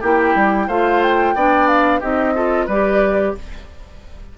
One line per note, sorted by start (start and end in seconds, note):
0.00 0.35 A#3
0.00 0.69 E4
0.00 0.67 G4
0.00 0.69 G5
0.35 0.68 G3
0.67 1.34 A3
0.67 1.36 F4
0.67 1.34 C5
0.67 1.02 F5
1.02 1.67 G5
1.35 2.02 B3
1.35 2.02 D4
1.35 2.00 D5
1.67 2.01 F5
2.00 2.67 C4
2.00 2.35 D#4
2.00 2.33 G4
2.00 2.68 D#5
2.35 2.68 F4
2.35 2.66 A4
2.66 3.34 G3
2.66 3.38 G4
2.66 3.32 B4
2.66 3.35 D5